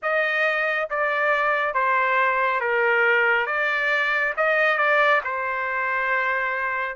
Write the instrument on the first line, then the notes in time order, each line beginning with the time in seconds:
trumpet
0.02 D#5
0.90 D5
1.74 C5
2.60 A#4
3.46 D5
4.36 D#5
4.77 D5
5.24 C5